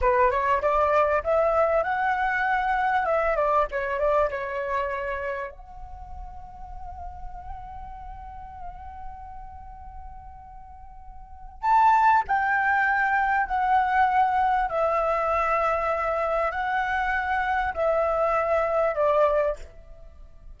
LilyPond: \new Staff \with { instrumentName = "flute" } { \time 4/4 \tempo 4 = 98 b'8 cis''8 d''4 e''4 fis''4~ | fis''4 e''8 d''8 cis''8 d''8 cis''4~ | cis''4 fis''2.~ | fis''1~ |
fis''2. a''4 | g''2 fis''2 | e''2. fis''4~ | fis''4 e''2 d''4 | }